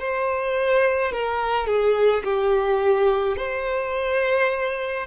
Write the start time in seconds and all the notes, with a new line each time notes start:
0.00 C5
1.13 A#4
1.67 G#4
2.24 G4
3.37 C5